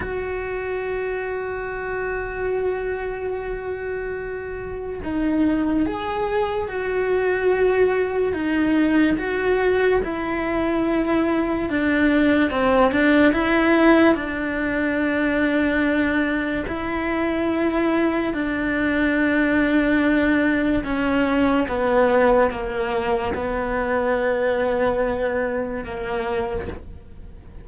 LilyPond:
\new Staff \with { instrumentName = "cello" } { \time 4/4 \tempo 4 = 72 fis'1~ | fis'2 dis'4 gis'4 | fis'2 dis'4 fis'4 | e'2 d'4 c'8 d'8 |
e'4 d'2. | e'2 d'2~ | d'4 cis'4 b4 ais4 | b2. ais4 | }